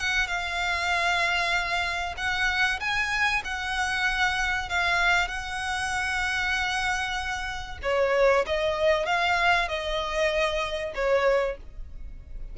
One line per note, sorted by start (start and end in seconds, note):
0.00 0.28 F#5
0.28 2.15 F5
2.17 2.80 F#5
2.80 3.42 G#5
3.45 4.69 F#5
4.69 5.28 F5
5.28 7.78 F#5
7.83 8.45 C#5
8.46 9.06 D#5
9.06 9.68 F5
9.68 10.93 D#5
10.95 11.57 C#5